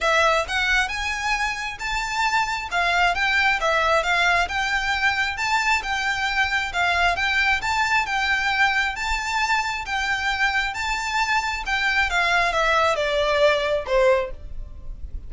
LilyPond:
\new Staff \with { instrumentName = "violin" } { \time 4/4 \tempo 4 = 134 e''4 fis''4 gis''2 | a''2 f''4 g''4 | e''4 f''4 g''2 | a''4 g''2 f''4 |
g''4 a''4 g''2 | a''2 g''2 | a''2 g''4 f''4 | e''4 d''2 c''4 | }